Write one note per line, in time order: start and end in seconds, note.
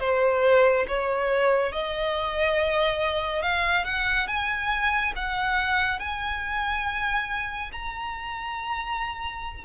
0.00 0.86 C5
0.88 1.73 C#5
1.73 3.42 D#5
3.42 3.85 F5
3.85 4.27 F#5
4.27 5.13 G#5
5.16 6.00 F#5
6.00 7.71 G#5
7.72 9.65 A#5